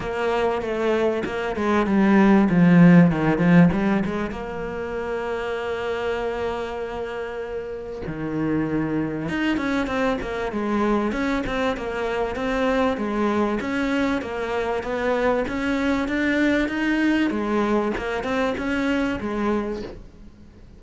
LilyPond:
\new Staff \with { instrumentName = "cello" } { \time 4/4 \tempo 4 = 97 ais4 a4 ais8 gis8 g4 | f4 dis8 f8 g8 gis8 ais4~ | ais1~ | ais4 dis2 dis'8 cis'8 |
c'8 ais8 gis4 cis'8 c'8 ais4 | c'4 gis4 cis'4 ais4 | b4 cis'4 d'4 dis'4 | gis4 ais8 c'8 cis'4 gis4 | }